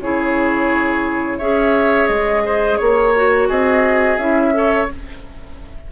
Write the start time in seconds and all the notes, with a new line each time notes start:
0.00 C#3 E4 G#4 C#5
1.38 C#4 G#4 C#5 E5
2.07 G#3 D#5
2.45 C5
2.77 A#3 C#5
3.15 F#4
3.48 C4 G#4 D#5
4.17 C#4 E4 E5
4.53 A4 C#5